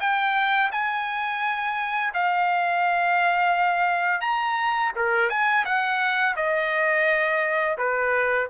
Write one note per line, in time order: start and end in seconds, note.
0.00 0.71 G5
0.72 2.13 G#5
2.14 4.21 F5
4.21 4.92 A#5
4.95 5.29 A#4
5.29 5.64 G#5
5.65 6.35 F#5
6.36 7.77 D#5
7.78 8.48 B4